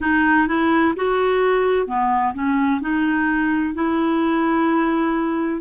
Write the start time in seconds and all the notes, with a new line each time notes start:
0.00 D#4
0.47 E4
0.96 F#4
1.87 B3
2.34 C#4
2.81 D#4
3.74 E4